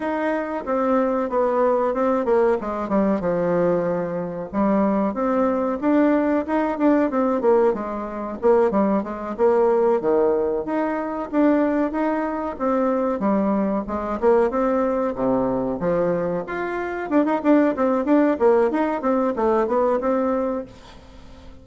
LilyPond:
\new Staff \with { instrumentName = "bassoon" } { \time 4/4 \tempo 4 = 93 dis'4 c'4 b4 c'8 ais8 | gis8 g8 f2 g4 | c'4 d'4 dis'8 d'8 c'8 ais8 | gis4 ais8 g8 gis8 ais4 dis8~ |
dis8 dis'4 d'4 dis'4 c'8~ | c'8 g4 gis8 ais8 c'4 c8~ | c8 f4 f'4 d'16 dis'16 d'8 c'8 | d'8 ais8 dis'8 c'8 a8 b8 c'4 | }